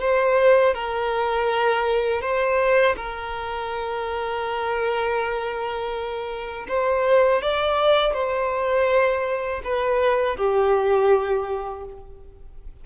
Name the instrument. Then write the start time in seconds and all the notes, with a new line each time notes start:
violin
0.00 C5
0.74 A#4
2.21 C5
2.96 A#4
6.68 C5
7.41 D5
8.13 C5
9.64 B4
10.36 G4